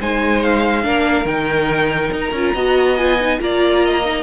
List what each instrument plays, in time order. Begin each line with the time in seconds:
0.00 cello G#3, viola D#4, violin C5 G#5
0.42 violin F5
0.83 cello A#3, viola D4, violin A#4
1.24 cello D#3, viola D#4, violin G5
2.12 cello D#4, violin A#5
2.32 cello C#4, viola F4
2.53 cello B3, viola F#4, violin D#5
2.97 viola F4, violin G#5
3.19 viola D#4
3.39 cello A#3, viola F4, violin D5 A#5
3.84 violin D#5
4.04 viola D#4